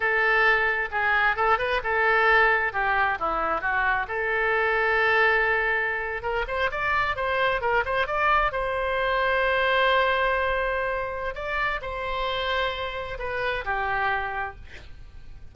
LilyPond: \new Staff \with { instrumentName = "oboe" } { \time 4/4 \tempo 4 = 132 a'2 gis'4 a'8 b'8 | a'2 g'4 e'4 | fis'4 a'2.~ | a'4.~ a'16 ais'8 c''8 d''4 c''16~ |
c''8. ais'8 c''8 d''4 c''4~ c''16~ | c''1~ | c''4 d''4 c''2~ | c''4 b'4 g'2 | }